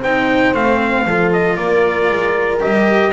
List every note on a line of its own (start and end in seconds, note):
0.00 0.54 C4
0.00 0.54 D#4
0.00 1.03 C5
0.00 0.54 G5
0.54 1.05 A3
0.54 1.05 C4
0.54 1.32 F5
1.05 1.57 F3
1.05 2.60 F4
1.05 1.57 A4
1.33 1.56 D#5
1.56 2.09 A#3
1.56 3.12 A#4
1.56 2.59 D5
2.09 2.61 G#3
2.60 3.12 G3
2.60 3.12 G4
2.60 3.12 D#5